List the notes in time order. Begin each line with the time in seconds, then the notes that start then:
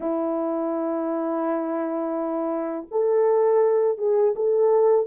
0.00 E4
2.91 A4
3.98 G#4
4.35 A4